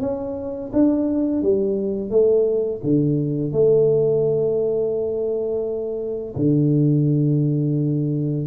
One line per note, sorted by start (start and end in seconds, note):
0.00 0.71 C#4
0.73 1.42 D4
1.42 2.10 G3
2.10 2.80 A3
2.83 3.52 D3
3.52 6.34 A3
6.35 8.47 D3